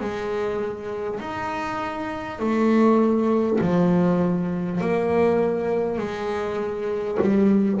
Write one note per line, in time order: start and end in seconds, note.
0.00 1.20 G#3
1.20 2.39 D#4
2.39 3.59 A3
3.61 4.81 F3
4.81 5.98 A#3
5.98 7.18 G#3
7.21 7.80 G3